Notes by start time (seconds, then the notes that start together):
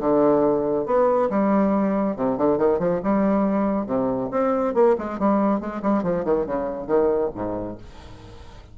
0.00 D3
0.86 B3
1.30 G3
2.16 C3
2.37 D3
2.58 D#3
2.79 F3
3.04 G3
3.86 C3
4.31 C4
4.74 A#3
4.98 G#3
5.19 G3
5.60 G#3
5.82 G3
6.03 F3
6.25 D#3
6.46 C#3
6.87 D#3
7.35 G#2